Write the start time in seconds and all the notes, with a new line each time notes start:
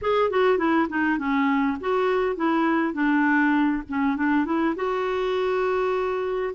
0.01 G#4
0.30 F#4
0.58 E4
0.89 D#4
1.18 C#4
1.80 F#4
2.36 E4
2.93 D4
3.88 C#4
4.16 D4
4.45 E4
4.75 F#4